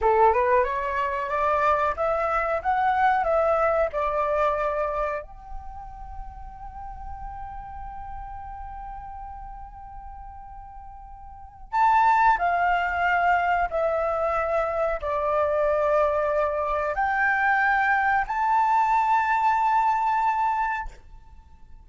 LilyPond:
\new Staff \with { instrumentName = "flute" } { \time 4/4 \tempo 4 = 92 a'8 b'8 cis''4 d''4 e''4 | fis''4 e''4 d''2 | g''1~ | g''1~ |
g''2 a''4 f''4~ | f''4 e''2 d''4~ | d''2 g''2 | a''1 | }